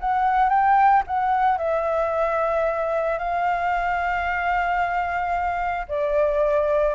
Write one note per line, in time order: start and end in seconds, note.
0.00 0.49 F#5
0.49 1.03 G5
1.07 1.58 F#5
1.58 3.19 E5
3.19 5.86 F5
5.88 6.95 D5